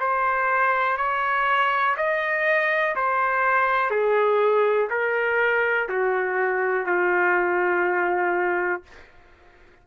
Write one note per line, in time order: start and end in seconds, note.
0.00 0.97 C5
0.97 1.95 C#5
1.97 2.95 D#5
2.96 3.90 C5
3.90 4.89 G#4
4.90 5.88 A#4
5.89 6.86 F#4
6.86 8.83 F4